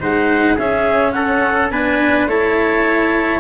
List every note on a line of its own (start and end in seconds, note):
0.00 0.58 G#3
0.00 0.57 D#4
0.00 0.55 C5
0.00 0.58 F#5
0.55 1.71 C#4
0.55 1.72 C#4
0.55 1.12 G#4
0.55 1.12 E5
1.12 1.72 A4
1.12 1.69 F#5
1.70 2.27 B3
1.70 2.28 D4
1.70 2.28 B4
1.70 2.27 G#5
2.27 3.40 A3
2.27 3.40 E4
2.27 3.40 C#5
2.27 3.40 A5